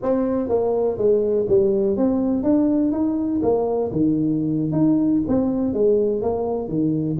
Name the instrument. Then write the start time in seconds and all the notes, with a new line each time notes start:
tuba
0.02 C4
0.49 A#3
0.97 G#3
1.48 G3
1.96 C4
2.43 D4
2.92 D#4
3.42 A#3
3.91 D#3
4.72 D#4
5.28 C4
5.73 G#3
6.21 A#3
6.68 D#3